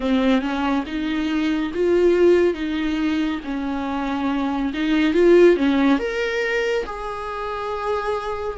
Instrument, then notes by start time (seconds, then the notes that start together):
viola
0.00 C4
0.41 C#4
0.86 D#4
1.74 F4
2.54 D#4
3.44 C#4
4.73 D#4
5.13 F4
5.56 C#4
5.98 A#4
6.85 G#4